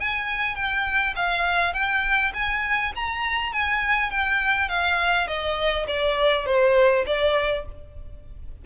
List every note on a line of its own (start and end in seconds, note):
0.00 0.56 G#5
0.56 1.15 G5
1.16 1.74 F5
1.74 2.33 G5
2.34 2.93 G#5
2.96 3.53 A#5
3.53 4.11 G#5
4.11 4.69 G5
4.69 5.28 F5
5.28 5.87 D#5
5.88 6.47 D5
6.47 7.05 C5
7.06 7.65 D5